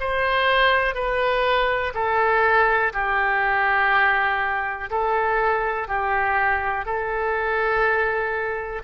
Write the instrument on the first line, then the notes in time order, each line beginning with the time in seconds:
oboe
0.00 C5
0.95 B4
1.94 A4
2.93 G4
4.90 A4
5.88 G4
6.86 A4